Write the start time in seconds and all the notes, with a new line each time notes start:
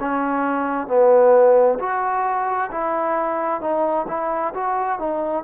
0.00 C#4
0.88 B3
1.80 F#4
2.71 E4
3.61 D#4
4.08 E4
4.55 F#4
4.99 D#4